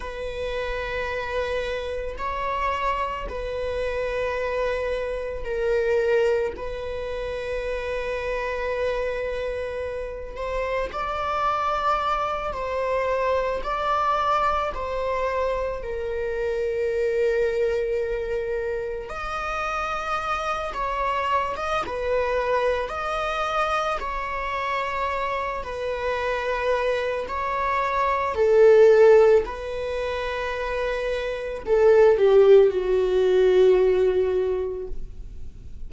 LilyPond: \new Staff \with { instrumentName = "viola" } { \time 4/4 \tempo 4 = 55 b'2 cis''4 b'4~ | b'4 ais'4 b'2~ | b'4. c''8 d''4. c''8~ | c''8 d''4 c''4 ais'4.~ |
ais'4. dis''4. cis''8. dis''16 | b'4 dis''4 cis''4. b'8~ | b'4 cis''4 a'4 b'4~ | b'4 a'8 g'8 fis'2 | }